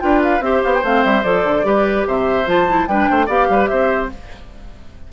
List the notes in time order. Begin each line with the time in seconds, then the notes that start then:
0.00 D4 F4 B4 G5
0.23 F5
0.40 C4 G4 C5 E5
0.64 B3 F5
0.74 G5
0.83 A3 C4 F5
1.04 G3 E5
1.23 F3 A4 D5
1.44 D3
1.63 G3 G4 B4
2.07 C3 C5 E5
2.46 F3 F4 A5
2.68 E4
2.87 G3 D4 B4 G5
3.09 A3 C5
3.26 B3 G4 D5 F5
3.49 G3 B4
3.67 C4 C5 E5